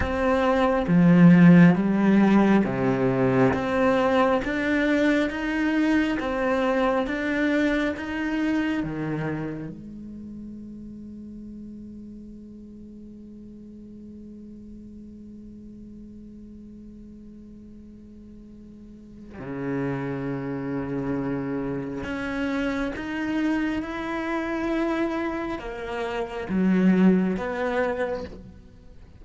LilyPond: \new Staff \with { instrumentName = "cello" } { \time 4/4 \tempo 4 = 68 c'4 f4 g4 c4 | c'4 d'4 dis'4 c'4 | d'4 dis'4 dis4 gis4~ | gis1~ |
gis1~ | gis2 cis2~ | cis4 cis'4 dis'4 e'4~ | e'4 ais4 fis4 b4 | }